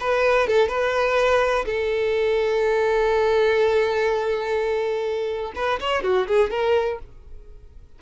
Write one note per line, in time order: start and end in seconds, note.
0.00 0.47 B4
0.47 0.68 A4
0.68 1.65 B4
1.65 5.52 A4
5.55 5.79 B4
5.80 6.03 C#5
6.03 6.27 F#4
6.27 6.51 G#4
6.51 6.99 A#4